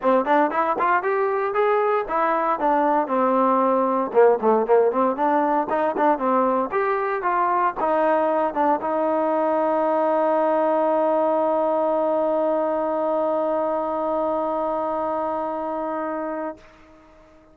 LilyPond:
\new Staff \with { instrumentName = "trombone" } { \time 4/4 \tempo 4 = 116 c'8 d'8 e'8 f'8 g'4 gis'4 | e'4 d'4 c'2 | ais8 a8 ais8 c'8 d'4 dis'8 d'8 | c'4 g'4 f'4 dis'4~ |
dis'8 d'8 dis'2.~ | dis'1~ | dis'1~ | dis'1 | }